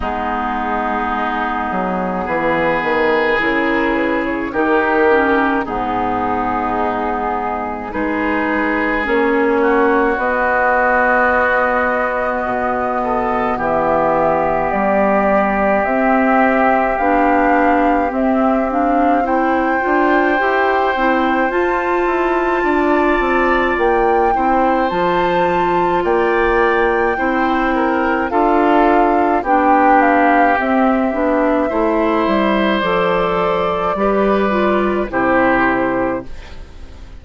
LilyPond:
<<
  \new Staff \with { instrumentName = "flute" } { \time 4/4 \tempo 4 = 53 gis'2 b'4 ais'8 b'16 cis''16 | ais'4 gis'2 b'4 | cis''4 dis''2. | e''4 d''4 e''4 f''4 |
e''8 f''8 g''2 a''4~ | a''4 g''4 a''4 g''4~ | g''4 f''4 g''8 f''8 e''4~ | e''4 d''2 c''4 | }
  \new Staff \with { instrumentName = "oboe" } { \time 4/4 dis'2 gis'2 | g'4 dis'2 gis'4~ | gis'8 fis'2. a'8 | g'1~ |
g'4 c''2. | d''4. c''4. d''4 | c''8 ais'8 a'4 g'2 | c''2 b'4 g'4 | }
  \new Staff \with { instrumentName = "clarinet" } { \time 4/4 b2. e'4 | dis'8 cis'8 b2 dis'4 | cis'4 b2.~ | b2 c'4 d'4 |
c'8 d'8 e'8 f'8 g'8 e'8 f'4~ | f'4. e'8 f'2 | e'4 f'4 d'4 c'8 d'8 | e'4 a'4 g'8 f'8 e'4 | }
  \new Staff \with { instrumentName = "bassoon" } { \time 4/4 gis4. fis8 e8 dis8 cis4 | dis4 gis,2 gis4 | ais4 b2 b,4 | e4 g4 c'4 b4 |
c'4. d'8 e'8 c'8 f'8 e'8 | d'8 c'8 ais8 c'8 f4 ais4 | c'4 d'4 b4 c'8 b8 | a8 g8 f4 g4 c4 | }
>>